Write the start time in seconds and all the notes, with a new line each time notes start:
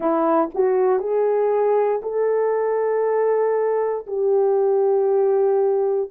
0.00 E4
0.54 F#4
0.99 G#4
2.02 A4
4.07 G4